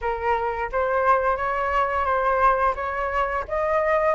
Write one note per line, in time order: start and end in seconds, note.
0.01 0.70 A#4
0.71 1.36 C5
1.36 2.05 C#5
2.05 2.74 C5
2.75 3.44 C#5
3.47 4.14 D#5